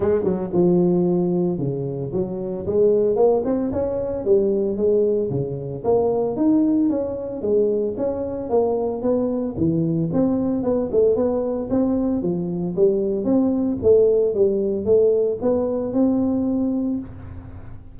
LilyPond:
\new Staff \with { instrumentName = "tuba" } { \time 4/4 \tempo 4 = 113 gis8 fis8 f2 cis4 | fis4 gis4 ais8 c'8 cis'4 | g4 gis4 cis4 ais4 | dis'4 cis'4 gis4 cis'4 |
ais4 b4 e4 c'4 | b8 a8 b4 c'4 f4 | g4 c'4 a4 g4 | a4 b4 c'2 | }